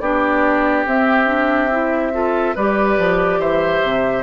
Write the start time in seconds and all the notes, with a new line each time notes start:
0.00 B3 D4 G4 D5
0.86 C4 E5
1.26 D4
1.71 E4
2.12 F4 A4
2.55 G3 G4 B4 D5
2.98 F3
3.39 E3 C5 E5
3.83 C3